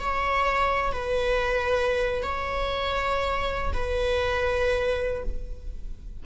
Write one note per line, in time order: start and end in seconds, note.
0.00 0.92 C#5
0.92 2.23 B4
2.23 3.73 C#5
3.73 5.23 B4